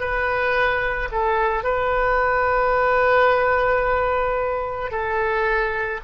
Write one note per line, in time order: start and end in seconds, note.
0.00 1.09 B4
1.12 1.64 A4
1.64 4.91 B4
4.91 6.00 A4